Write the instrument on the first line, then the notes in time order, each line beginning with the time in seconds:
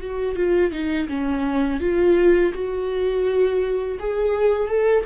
viola
0.00 F#4
0.36 F4
0.72 D#4
1.08 C#4
1.80 F4
2.54 F#4
3.99 G#4
4.68 A4